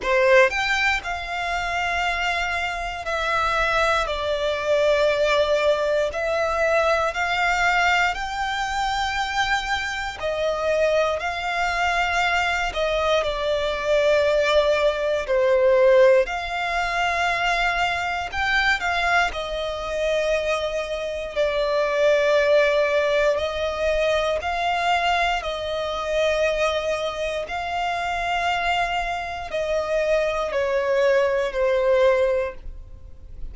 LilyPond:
\new Staff \with { instrumentName = "violin" } { \time 4/4 \tempo 4 = 59 c''8 g''8 f''2 e''4 | d''2 e''4 f''4 | g''2 dis''4 f''4~ | f''8 dis''8 d''2 c''4 |
f''2 g''8 f''8 dis''4~ | dis''4 d''2 dis''4 | f''4 dis''2 f''4~ | f''4 dis''4 cis''4 c''4 | }